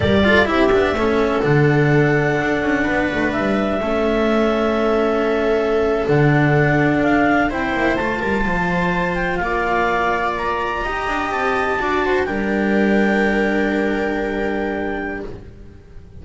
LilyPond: <<
  \new Staff \with { instrumentName = "clarinet" } { \time 4/4 \tempo 4 = 126 d''4 e''2 fis''4~ | fis''2. e''4~ | e''1~ | e''8. fis''2 f''4 g''16~ |
g''8. a''2~ a''8 g''8 f''16~ | f''4.~ f''16 ais''2 a''16~ | a''4.~ a''16 g''2~ g''16~ | g''1 | }
  \new Staff \with { instrumentName = "viola" } { \time 4/4 ais'8 a'8 g'4 a'2~ | a'2 b'2 | a'1~ | a'2.~ a'8. c''16~ |
c''4~ c''16 ais'8 c''2 d''16~ | d''2~ d''8. dis''4~ dis''16~ | dis''8. d''8 c''8 ais'2~ ais'16~ | ais'1 | }
  \new Staff \with { instrumentName = "cello" } { \time 4/4 g'8 f'8 e'8 d'8 cis'4 d'4~ | d'1 | cis'1~ | cis'8. d'2. e'16~ |
e'8. f'2.~ f'16~ | f'2~ f'8. g'4~ g'16~ | g'8. fis'4 d'2~ d'16~ | d'1 | }
  \new Staff \with { instrumentName = "double bass" } { \time 4/4 g4 c'8 b8 a4 d4~ | d4 d'8 cis'8 b8 a8 g4 | a1~ | a8. d2 d'4 c'16~ |
c'16 ais8 a8 g8 f2 ais16~ | ais2~ ais8. dis'8 d'8 c'16~ | c'8. d'4 g2~ g16~ | g1 | }
>>